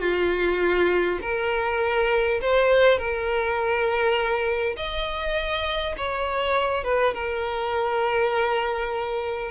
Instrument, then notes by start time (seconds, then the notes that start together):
violin
0.00 F4
1.22 A#4
2.41 C5
2.98 A#4
4.76 D#5
5.97 C#5
6.84 B4
7.14 A#4